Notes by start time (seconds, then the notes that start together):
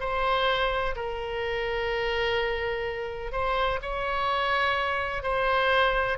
0.00 C5
0.96 A#4
3.32 C5
3.82 C#5
5.23 C5